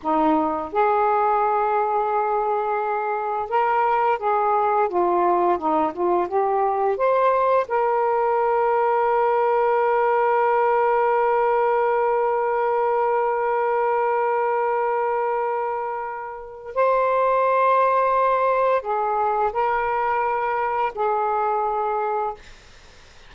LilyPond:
\new Staff \with { instrumentName = "saxophone" } { \time 4/4 \tempo 4 = 86 dis'4 gis'2.~ | gis'4 ais'4 gis'4 f'4 | dis'8 f'8 g'4 c''4 ais'4~ | ais'1~ |
ais'1~ | ais'1 | c''2. gis'4 | ais'2 gis'2 | }